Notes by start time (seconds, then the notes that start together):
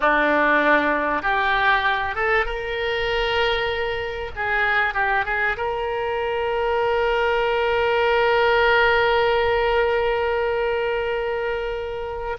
0.00 D4
1.22 G4
2.15 A4
2.45 A#4
4.35 G#4
4.94 G4
5.25 G#4
5.56 A#4